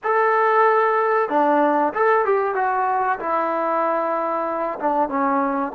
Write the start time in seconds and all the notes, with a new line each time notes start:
0.03 A4
1.29 D4
1.93 A4
2.25 G4
2.54 F#4
3.19 E4
4.79 D4
5.08 C#4